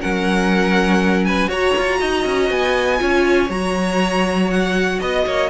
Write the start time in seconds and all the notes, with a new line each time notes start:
0.00 F#3 C#4 A#4 F#5
1.24 B4 G#5
1.48 F#4 C#5 A#5
1.78 F4
2.00 D#4 D#5
2.25 C#4
2.50 B3 G#5
2.98 C#4 F4 C#5
3.50 F#3 F#4 A#5
4.50 F#5
4.99 B3 D#5
5.25 A#3 C#5